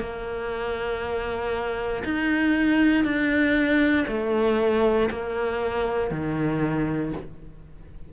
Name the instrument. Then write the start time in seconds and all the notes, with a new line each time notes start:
cello
0.00 A#3
2.05 D#4
3.05 D4
4.08 A3
5.11 A#3
6.11 D#3